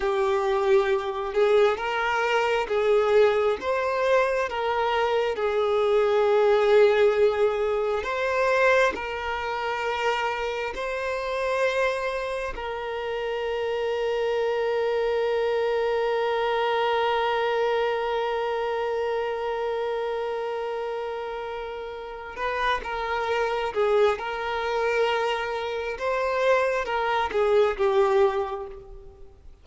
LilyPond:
\new Staff \with { instrumentName = "violin" } { \time 4/4 \tempo 4 = 67 g'4. gis'8 ais'4 gis'4 | c''4 ais'4 gis'2~ | gis'4 c''4 ais'2 | c''2 ais'2~ |
ais'1~ | ais'1~ | ais'4 b'8 ais'4 gis'8 ais'4~ | ais'4 c''4 ais'8 gis'8 g'4 | }